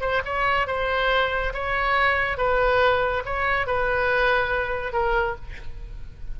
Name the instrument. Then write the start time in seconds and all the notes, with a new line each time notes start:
oboe
0.00 C5
0.25 C#5
0.67 C5
1.53 C#5
2.37 B4
3.25 C#5
3.66 B4
4.92 A#4